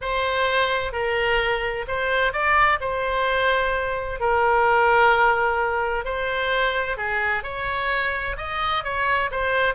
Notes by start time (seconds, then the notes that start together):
0.01 C5
0.92 A#4
1.87 C5
2.32 D5
2.80 C5
4.20 A#4
6.04 C5
6.97 G#4
7.43 C#5
8.37 D#5
8.84 C#5
9.31 C5